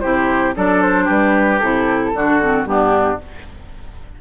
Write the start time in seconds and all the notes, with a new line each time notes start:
0.00 C3 E4 G4 C5
0.55 F#3 D4 A4 D5
0.82 C5
1.04 G3 G4 B4
1.60 C3 E4 A4
2.13 D3 D4 F#4
2.41 C4
2.65 G2 B3 D4 G4